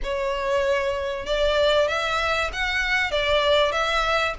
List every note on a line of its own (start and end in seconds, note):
0.03 1.26 C#5
1.26 1.88 D5
1.88 2.50 E5
2.52 3.11 F#5
3.11 3.72 D5
3.72 4.34 E5